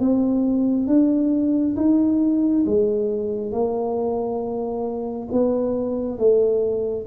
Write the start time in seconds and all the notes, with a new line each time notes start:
0.00 C4
0.87 D4
1.76 D#4
2.66 G#3
3.52 A#3
5.32 B3
6.18 A3